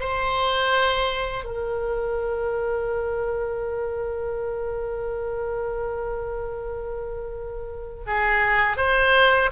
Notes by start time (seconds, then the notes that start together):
0.00 C5
1.45 A#4
8.07 G#4
8.77 C5